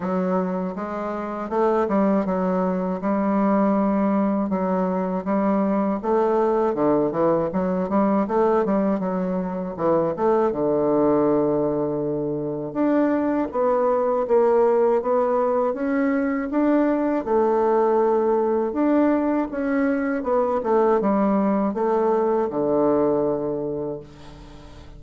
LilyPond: \new Staff \with { instrumentName = "bassoon" } { \time 4/4 \tempo 4 = 80 fis4 gis4 a8 g8 fis4 | g2 fis4 g4 | a4 d8 e8 fis8 g8 a8 g8 | fis4 e8 a8 d2~ |
d4 d'4 b4 ais4 | b4 cis'4 d'4 a4~ | a4 d'4 cis'4 b8 a8 | g4 a4 d2 | }